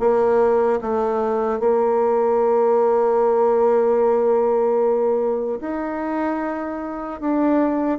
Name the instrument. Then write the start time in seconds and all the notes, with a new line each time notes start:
bassoon
0.00 A#3
0.81 A3
1.60 A#3
5.61 D#4
7.21 D4